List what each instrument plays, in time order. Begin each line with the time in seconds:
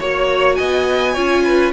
0.00 cello A#3, viola F#4, violin C#5
0.56 cello B3, violin D#5 G#5
1.14 cello C#4, viola F4, violin C#5
1.45 violin B4